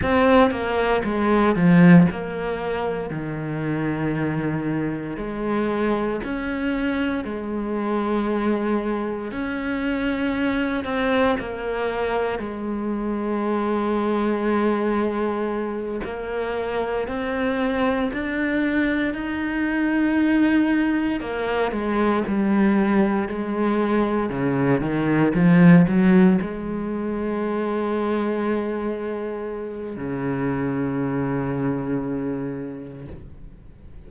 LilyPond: \new Staff \with { instrumentName = "cello" } { \time 4/4 \tempo 4 = 58 c'8 ais8 gis8 f8 ais4 dis4~ | dis4 gis4 cis'4 gis4~ | gis4 cis'4. c'8 ais4 | gis2.~ gis8 ais8~ |
ais8 c'4 d'4 dis'4.~ | dis'8 ais8 gis8 g4 gis4 cis8 | dis8 f8 fis8 gis2~ gis8~ | gis4 cis2. | }